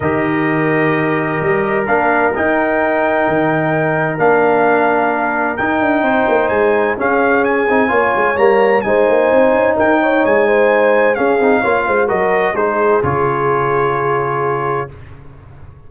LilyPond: <<
  \new Staff \with { instrumentName = "trumpet" } { \time 4/4 \tempo 4 = 129 dis''1 | f''4 g''2.~ | g''4 f''2. | g''2 gis''4 f''4 |
gis''2 ais''4 gis''4~ | gis''4 g''4 gis''2 | f''2 dis''4 c''4 | cis''1 | }
  \new Staff \with { instrumentName = "horn" } { \time 4/4 ais'1~ | ais'1~ | ais'1~ | ais'4 c''2 gis'4~ |
gis'4 cis''2 c''4~ | c''4 ais'8 cis''4 c''4. | gis'4 cis''8 c''8 ais'4 gis'4~ | gis'1 | }
  \new Staff \with { instrumentName = "trombone" } { \time 4/4 g'1 | d'4 dis'2.~ | dis'4 d'2. | dis'2. cis'4~ |
cis'8 dis'8 f'4 ais4 dis'4~ | dis'1 | cis'8 dis'8 f'4 fis'4 dis'4 | f'1 | }
  \new Staff \with { instrumentName = "tuba" } { \time 4/4 dis2. g4 | ais4 dis'2 dis4~ | dis4 ais2. | dis'8 d'8 c'8 ais8 gis4 cis'4~ |
cis'8 c'8 ais8 gis8 g4 gis8 ais8 | c'8 cis'8 dis'4 gis2 | cis'8 c'8 ais8 gis8 fis4 gis4 | cis1 | }
>>